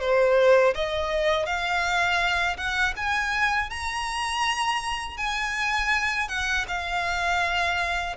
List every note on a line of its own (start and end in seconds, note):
0.00 0.74 C5
0.75 1.46 D#5
1.46 2.57 F5
2.57 2.94 F#5
2.97 3.70 G#5
3.70 5.18 A#5
5.18 6.29 G#5
6.29 6.66 F#5
6.68 8.16 F5